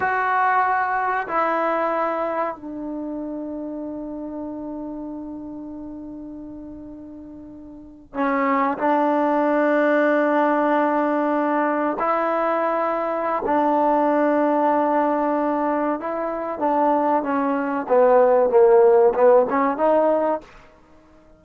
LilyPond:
\new Staff \with { instrumentName = "trombone" } { \time 4/4 \tempo 4 = 94 fis'2 e'2 | d'1~ | d'1~ | d'8. cis'4 d'2~ d'16~ |
d'2~ d'8. e'4~ e'16~ | e'4 d'2.~ | d'4 e'4 d'4 cis'4 | b4 ais4 b8 cis'8 dis'4 | }